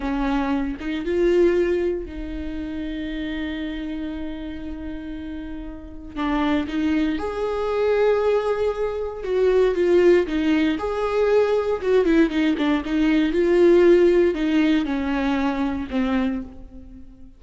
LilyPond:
\new Staff \with { instrumentName = "viola" } { \time 4/4 \tempo 4 = 117 cis'4. dis'8 f'2 | dis'1~ | dis'1 | d'4 dis'4 gis'2~ |
gis'2 fis'4 f'4 | dis'4 gis'2 fis'8 e'8 | dis'8 d'8 dis'4 f'2 | dis'4 cis'2 c'4 | }